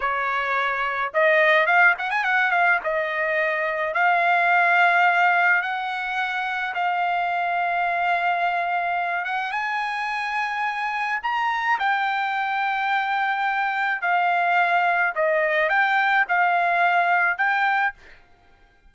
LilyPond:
\new Staff \with { instrumentName = "trumpet" } { \time 4/4 \tempo 4 = 107 cis''2 dis''4 f''8 fis''16 gis''16 | fis''8 f''8 dis''2 f''4~ | f''2 fis''2 | f''1~ |
f''8 fis''8 gis''2. | ais''4 g''2.~ | g''4 f''2 dis''4 | g''4 f''2 g''4 | }